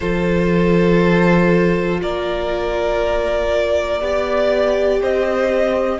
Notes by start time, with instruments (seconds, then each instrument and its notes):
0.00 cello F3, viola F4, violin A4 C5
2.01 cello A#3, violin A#4 D5
4.00 cello B3, viola G4, violin D5
5.01 cello C4, violin C5 D#5